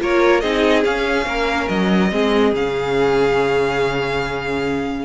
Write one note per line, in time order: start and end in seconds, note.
0.00 0.43 A#3
0.00 0.42 F4
0.00 0.42 A#4
0.00 0.41 C#5
0.41 0.85 C4
0.41 0.84 D#4
0.41 1.26 G#4
0.41 0.83 D#5
0.84 2.11 C#4
0.84 1.26 C#4
0.84 1.69 F5
1.26 1.68 A#3
1.26 2.11 A#4
1.69 2.12 F#3
1.69 2.53 D#5
2.11 2.53 G#3
2.11 2.54 C4
2.11 5.05 G#4
2.53 5.05 C#3
2.53 5.05 C#4
2.53 5.05 F5